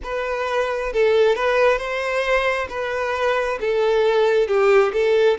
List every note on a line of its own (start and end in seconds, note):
0.03 0.92 B4
0.92 1.35 A4
1.35 1.77 B4
1.77 2.67 C5
2.69 3.58 B4
3.60 4.47 A4
4.47 4.92 G4
4.93 5.37 A4